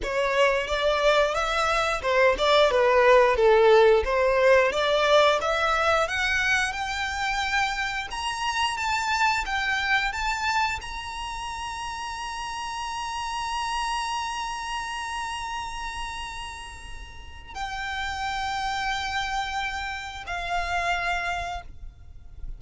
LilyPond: \new Staff \with { instrumentName = "violin" } { \time 4/4 \tempo 4 = 89 cis''4 d''4 e''4 c''8 d''8 | b'4 a'4 c''4 d''4 | e''4 fis''4 g''2 | ais''4 a''4 g''4 a''4 |
ais''1~ | ais''1~ | ais''2 g''2~ | g''2 f''2 | }